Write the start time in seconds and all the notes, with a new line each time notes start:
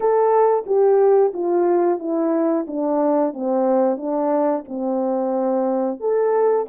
0.00 A4
0.66 G4
1.33 F4
1.99 E4
2.67 D4
3.33 C4
3.97 D4
4.68 C4
5.99 A4